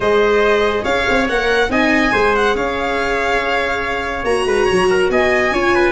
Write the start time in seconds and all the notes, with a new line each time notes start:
0.00 G#3 G#4 C5 D#5
0.82 C#4 C#5 F5
1.08 C4
1.28 A#3 A#4 F#5
1.69 C4 D#4 D#5 G#5
2.12 G#3 G#4 C5
2.35 F#5
2.55 C#4 C#5 F5
4.24 A#3 F#4 A#5
4.45 G#3 B4
4.65 F#3 C#5
4.90 A#4
5.09 B3 D#5 G#5
5.51 C#4 F4 C#5
5.74 B4